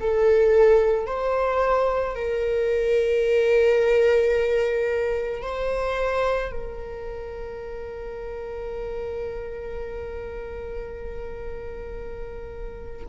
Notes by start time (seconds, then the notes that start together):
0.00 A4
1.06 C5
2.15 A#4
5.42 C5
6.51 A#4